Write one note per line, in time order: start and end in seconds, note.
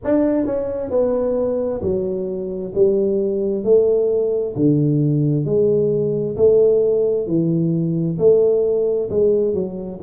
0.04 0.45 D4
0.45 0.90 C#4
0.90 1.81 B3
1.81 2.72 F#3
2.74 3.64 G3
3.64 4.55 A3
4.55 5.45 D3
5.45 6.36 G#3
6.36 7.26 A3
7.26 8.17 E3
8.18 9.09 A3
9.10 9.54 G#3
9.54 9.99 F#3